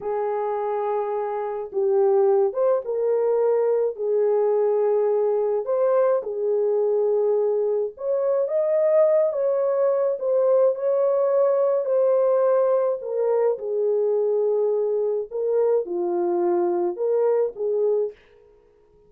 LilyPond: \new Staff \with { instrumentName = "horn" } { \time 4/4 \tempo 4 = 106 gis'2. g'4~ | g'8 c''8 ais'2 gis'4~ | gis'2 c''4 gis'4~ | gis'2 cis''4 dis''4~ |
dis''8 cis''4. c''4 cis''4~ | cis''4 c''2 ais'4 | gis'2. ais'4 | f'2 ais'4 gis'4 | }